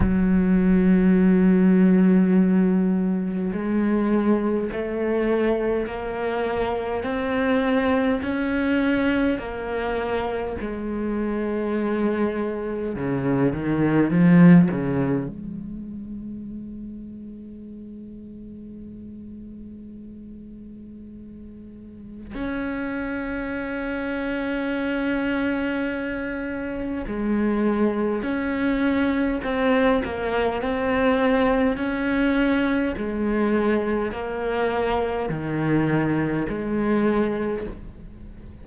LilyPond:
\new Staff \with { instrumentName = "cello" } { \time 4/4 \tempo 4 = 51 fis2. gis4 | a4 ais4 c'4 cis'4 | ais4 gis2 cis8 dis8 | f8 cis8 gis2.~ |
gis2. cis'4~ | cis'2. gis4 | cis'4 c'8 ais8 c'4 cis'4 | gis4 ais4 dis4 gis4 | }